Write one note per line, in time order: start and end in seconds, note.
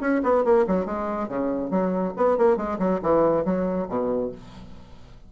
0.00 0.21 C#4
0.23 0.44 B3
0.44 0.65 A#3
0.67 0.85 F#3
0.85 1.28 G#3
1.28 1.70 C#3
1.70 2.13 F#3
2.16 2.37 B3
2.37 2.57 A#3
2.57 2.78 G#3
2.78 3.00 F#3
3.02 3.45 E3
3.45 3.87 F#3
3.88 4.31 B2